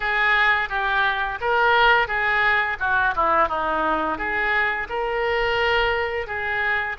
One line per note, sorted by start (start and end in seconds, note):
0.00 0.69 G#4
0.69 1.39 G4
1.40 2.07 A#4
2.07 2.77 G#4
2.79 3.14 F#4
3.15 3.48 E4
3.48 4.17 D#4
4.17 4.87 G#4
4.89 6.26 A#4
6.26 6.96 G#4